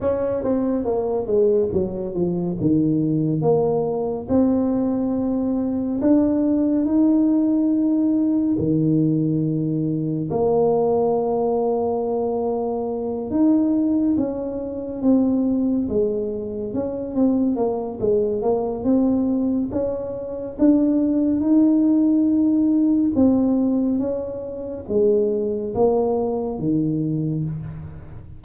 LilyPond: \new Staff \with { instrumentName = "tuba" } { \time 4/4 \tempo 4 = 70 cis'8 c'8 ais8 gis8 fis8 f8 dis4 | ais4 c'2 d'4 | dis'2 dis2 | ais2.~ ais8 dis'8~ |
dis'8 cis'4 c'4 gis4 cis'8 | c'8 ais8 gis8 ais8 c'4 cis'4 | d'4 dis'2 c'4 | cis'4 gis4 ais4 dis4 | }